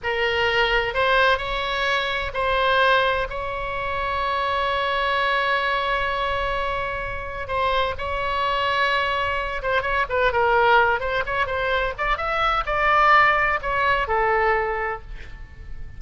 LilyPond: \new Staff \with { instrumentName = "oboe" } { \time 4/4 \tempo 4 = 128 ais'2 c''4 cis''4~ | cis''4 c''2 cis''4~ | cis''1~ | cis''1 |
c''4 cis''2.~ | cis''8 c''8 cis''8 b'8 ais'4. c''8 | cis''8 c''4 d''8 e''4 d''4~ | d''4 cis''4 a'2 | }